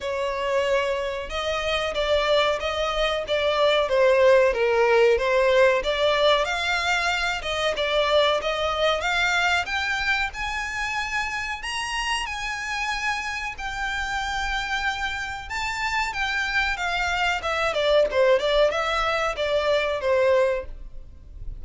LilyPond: \new Staff \with { instrumentName = "violin" } { \time 4/4 \tempo 4 = 93 cis''2 dis''4 d''4 | dis''4 d''4 c''4 ais'4 | c''4 d''4 f''4. dis''8 | d''4 dis''4 f''4 g''4 |
gis''2 ais''4 gis''4~ | gis''4 g''2. | a''4 g''4 f''4 e''8 d''8 | c''8 d''8 e''4 d''4 c''4 | }